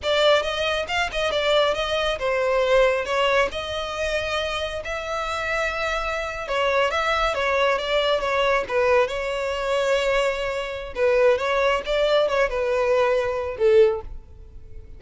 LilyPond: \new Staff \with { instrumentName = "violin" } { \time 4/4 \tempo 4 = 137 d''4 dis''4 f''8 dis''8 d''4 | dis''4 c''2 cis''4 | dis''2. e''4~ | e''2~ e''8. cis''4 e''16~ |
e''8. cis''4 d''4 cis''4 b'16~ | b'8. cis''2.~ cis''16~ | cis''4 b'4 cis''4 d''4 | cis''8 b'2~ b'8 a'4 | }